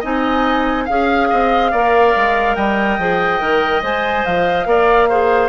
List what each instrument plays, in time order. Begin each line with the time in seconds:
0.00 bassoon C4, clarinet D#4, oboe D#5, flute G#5
0.85 bassoon C#4, clarinet G#4, oboe F5, flute F5
1.30 bassoon C4, oboe D#5
1.72 bassoon A#3, clarinet A#4, oboe D5
2.16 bassoon G#3
2.55 bassoon G3, oboe D#5, flute G5
2.99 bassoon F3, clarinet G#4
3.40 bassoon D#3, clarinet A#4
3.82 bassoon G#3, clarinet C5, flute G#5
4.25 bassoon F3, flute F5
4.66 bassoon A#3, clarinet A#4, oboe D5
5.09 clarinet G#4, oboe C5